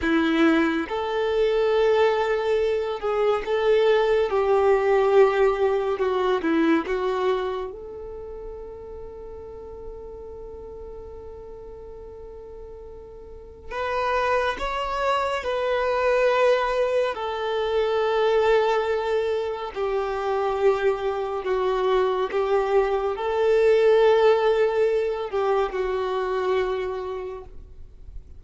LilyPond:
\new Staff \with { instrumentName = "violin" } { \time 4/4 \tempo 4 = 70 e'4 a'2~ a'8 gis'8 | a'4 g'2 fis'8 e'8 | fis'4 a'2.~ | a'1 |
b'4 cis''4 b'2 | a'2. g'4~ | g'4 fis'4 g'4 a'4~ | a'4. g'8 fis'2 | }